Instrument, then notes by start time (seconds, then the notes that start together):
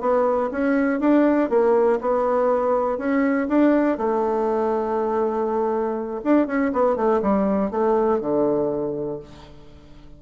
bassoon
0.00 B3
0.51 C#4
1.00 D4
1.49 A#3
2.01 B3
2.98 C#4
3.48 D4
3.97 A3
6.24 D4
6.47 C#4
6.73 B3
6.96 A3
7.22 G3
7.71 A3
8.20 D3